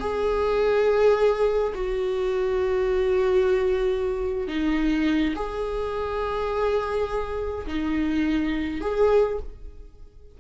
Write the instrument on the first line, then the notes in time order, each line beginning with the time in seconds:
viola
0.00 G#4
1.75 F#4
4.48 D#4
5.36 G#4
7.67 D#4
8.81 G#4